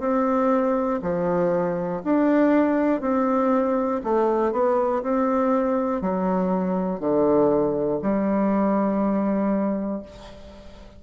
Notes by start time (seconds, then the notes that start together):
0.00 C4
1.03 F3
2.04 D4
3.01 C4
4.04 A3
4.52 B3
5.03 C4
6.02 F#3
7.00 D3
8.03 G3